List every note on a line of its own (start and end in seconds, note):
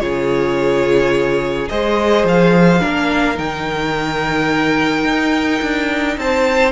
0.00 1.70 C#3
0.00 1.68 F4
0.00 1.71 G#4
0.00 1.69 C#5
1.69 2.25 G#3
1.69 2.80 G#4
1.69 2.82 C5
1.69 2.25 D#5
2.25 2.81 F3
2.25 3.39 F5
2.80 3.39 A#3
2.80 3.36 D4
2.80 6.18 A#4
3.36 5.05 D#3
3.36 6.72 D#4
3.36 6.19 G5
5.05 5.61 D#4
5.62 6.18 D4
6.18 6.72 C4
6.18 6.72 C5
6.18 6.72 A5